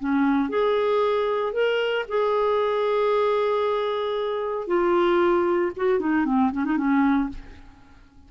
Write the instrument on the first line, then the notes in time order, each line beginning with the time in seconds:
clarinet
0.00 C#4
0.50 G#4
1.53 A#4
2.09 G#4
4.68 F4
5.77 F#4
6.00 D#4
6.26 C4
6.52 C#4
6.65 D#4
6.78 C#4